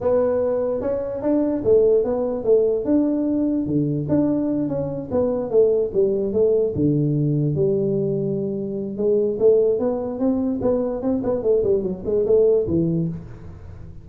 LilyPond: \new Staff \with { instrumentName = "tuba" } { \time 4/4 \tempo 4 = 147 b2 cis'4 d'4 | a4 b4 a4 d'4~ | d'4 d4 d'4. cis'8~ | cis'8 b4 a4 g4 a8~ |
a8 d2 g4.~ | g2 gis4 a4 | b4 c'4 b4 c'8 b8 | a8 g8 fis8 gis8 a4 e4 | }